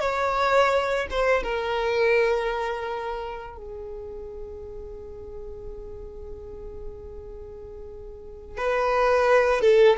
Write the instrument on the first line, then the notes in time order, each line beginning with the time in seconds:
violin
0.00 C#5
1.10 C5
1.43 A#4
3.57 G#4
8.57 B4
9.61 A4